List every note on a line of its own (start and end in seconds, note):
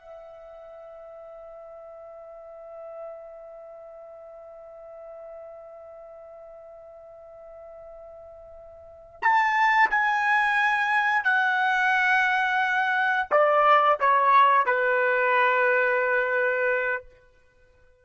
0.00 9.20 E5
9.22 9.90 A5
9.91 11.24 G#5
11.24 13.29 F#5
13.31 13.99 D5
14.01 14.67 C#5
14.67 17.05 B4